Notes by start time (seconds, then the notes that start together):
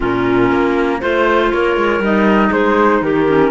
0.00 A#2 C#4 F4 A#4
0.51 A#3
0.99 A3 F4 C5
1.52 A#3 A#4 C#5
1.76 G#3
1.99 G3 D#4 D#5
2.50 G#3 G#4 C5
3.01 D#3 G4 A#4
3.28 C#4